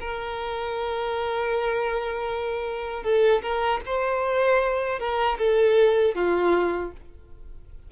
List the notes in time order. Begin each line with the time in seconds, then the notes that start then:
0.00 A#4
3.03 A4
3.42 A#4
3.85 C5
4.99 A#4
5.38 A4
6.15 F4